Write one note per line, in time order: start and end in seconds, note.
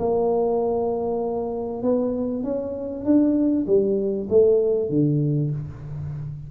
0.00 1.83 A#3
1.83 2.44 B3
2.44 3.05 C#4
3.05 3.66 D4
3.67 4.28 G3
4.30 4.90 A3
4.90 5.51 D3